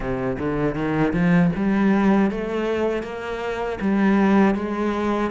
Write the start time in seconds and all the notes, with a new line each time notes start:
0.00 C3
0.38 D3
0.75 D#3
1.13 F3
1.55 G3
2.30 A3
3.02 A#3
3.80 G3
4.54 G#3